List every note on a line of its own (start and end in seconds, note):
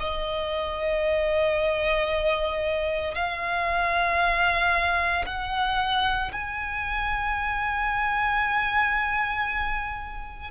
0.00 3.15 D#5
3.15 5.25 F5
5.26 6.31 F#5
6.33 10.51 G#5